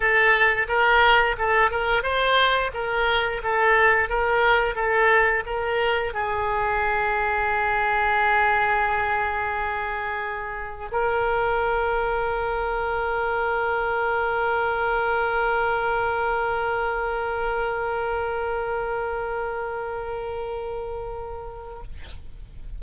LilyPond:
\new Staff \with { instrumentName = "oboe" } { \time 4/4 \tempo 4 = 88 a'4 ais'4 a'8 ais'8 c''4 | ais'4 a'4 ais'4 a'4 | ais'4 gis'2.~ | gis'1 |
ais'1~ | ais'1~ | ais'1~ | ais'1 | }